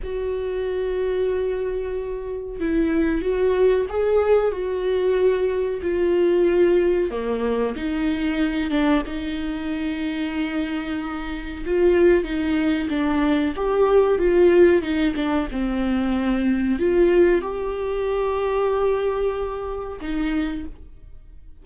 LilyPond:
\new Staff \with { instrumentName = "viola" } { \time 4/4 \tempo 4 = 93 fis'1 | e'4 fis'4 gis'4 fis'4~ | fis'4 f'2 ais4 | dis'4. d'8 dis'2~ |
dis'2 f'4 dis'4 | d'4 g'4 f'4 dis'8 d'8 | c'2 f'4 g'4~ | g'2. dis'4 | }